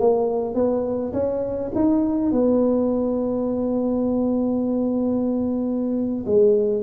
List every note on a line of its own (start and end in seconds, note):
0.00 0.55 A#3
0.55 1.13 B3
1.13 1.72 C#4
1.75 2.32 D#4
2.32 6.25 B3
6.26 6.83 G#3